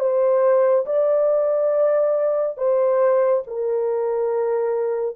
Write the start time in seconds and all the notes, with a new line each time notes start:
0.00 C5
0.86 D5
2.58 C5
3.47 A#4